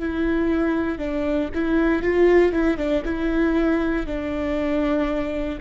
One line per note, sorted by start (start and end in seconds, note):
0.00 0.99 E4
0.99 1.50 D4
1.55 2.03 E4
2.03 2.53 F4
2.53 2.78 E4
2.78 3.03 D4
3.05 4.07 E4
4.07 5.59 D4